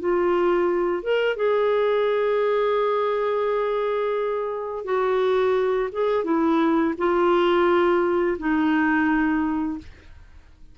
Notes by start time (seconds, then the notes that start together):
0.00 F4
1.03 A#4
1.37 G#4
4.85 F#4
5.93 G#4
6.25 E4
6.98 F4
8.39 D#4